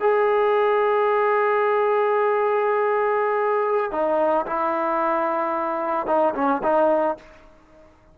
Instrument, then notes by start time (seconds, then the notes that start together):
trombone
0.00 G#4
3.91 D#4
4.46 E4
6.06 D#4
6.34 C#4
6.63 D#4